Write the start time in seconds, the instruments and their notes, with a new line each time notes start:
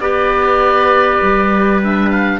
0.00 cello B3, clarinet G4, trumpet B4, oboe D5
1.22 cello G3
1.82 clarinet D4, oboe E5
2.10 oboe F5